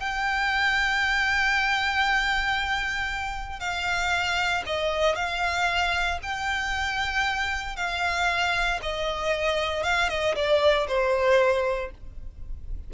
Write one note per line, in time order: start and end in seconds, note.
0.00 3.60 G5
3.60 4.64 F5
4.67 5.16 D#5
5.16 6.20 F5
6.23 7.77 G5
7.77 8.80 F5
8.83 9.84 D#5
9.84 10.10 F5
10.10 10.35 D#5
10.36 10.88 D5
10.88 11.92 C5